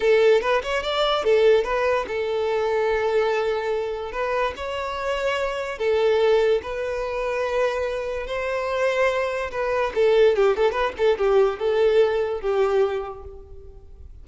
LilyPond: \new Staff \with { instrumentName = "violin" } { \time 4/4 \tempo 4 = 145 a'4 b'8 cis''8 d''4 a'4 | b'4 a'2.~ | a'2 b'4 cis''4~ | cis''2 a'2 |
b'1 | c''2. b'4 | a'4 g'8 a'8 b'8 a'8 g'4 | a'2 g'2 | }